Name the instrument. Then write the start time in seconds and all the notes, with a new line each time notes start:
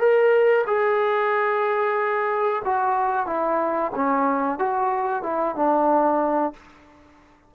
trombone
0.00 A#4
0.67 G#4
2.65 F#4
3.27 E4
3.96 C#4
4.59 F#4
5.23 E4
5.56 D4